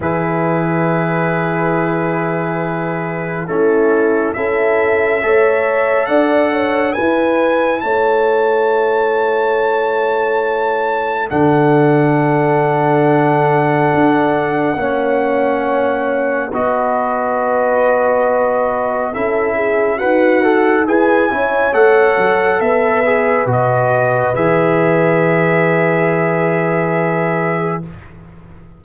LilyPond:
<<
  \new Staff \with { instrumentName = "trumpet" } { \time 4/4 \tempo 4 = 69 b'1 | a'4 e''2 fis''4 | gis''4 a''2.~ | a''4 fis''2.~ |
fis''2. dis''4~ | dis''2 e''4 fis''4 | gis''4 fis''4 e''4 dis''4 | e''1 | }
  \new Staff \with { instrumentName = "horn" } { \time 4/4 gis'1 | e'4 a'4 cis''4 d''8 cis''8 | b'4 cis''2.~ | cis''4 a'2.~ |
a'4 cis''2 b'4~ | b'2 a'8 gis'8 fis'4 | b'8 cis''4. b'2~ | b'1 | }
  \new Staff \with { instrumentName = "trombone" } { \time 4/4 e'1 | cis'4 e'4 a'2 | e'1~ | e'4 d'2.~ |
d'4 cis'2 fis'4~ | fis'2 e'4 b'8 a'8 | gis'8 e'8 a'4. gis'8 fis'4 | gis'1 | }
  \new Staff \with { instrumentName = "tuba" } { \time 4/4 e1 | a4 cis'4 a4 d'4 | e'4 a2.~ | a4 d2. |
d'4 ais2 b4~ | b2 cis'4 dis'4 | e'8 cis'8 a8 fis8 b4 b,4 | e1 | }
>>